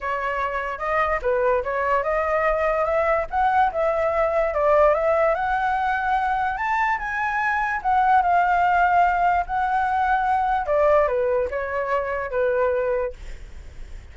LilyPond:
\new Staff \with { instrumentName = "flute" } { \time 4/4 \tempo 4 = 146 cis''2 dis''4 b'4 | cis''4 dis''2 e''4 | fis''4 e''2 d''4 | e''4 fis''2. |
a''4 gis''2 fis''4 | f''2. fis''4~ | fis''2 d''4 b'4 | cis''2 b'2 | }